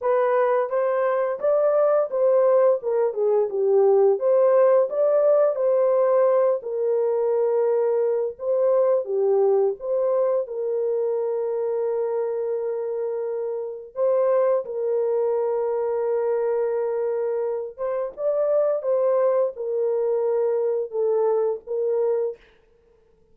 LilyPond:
\new Staff \with { instrumentName = "horn" } { \time 4/4 \tempo 4 = 86 b'4 c''4 d''4 c''4 | ais'8 gis'8 g'4 c''4 d''4 | c''4. ais'2~ ais'8 | c''4 g'4 c''4 ais'4~ |
ais'1 | c''4 ais'2.~ | ais'4. c''8 d''4 c''4 | ais'2 a'4 ais'4 | }